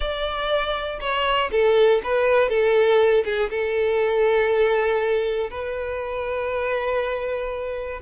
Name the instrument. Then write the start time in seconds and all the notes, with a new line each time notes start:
violin
0.00 D5
1.00 C#5
1.51 A4
2.03 B4
2.49 A4
3.24 G#4
3.50 A4
5.50 B4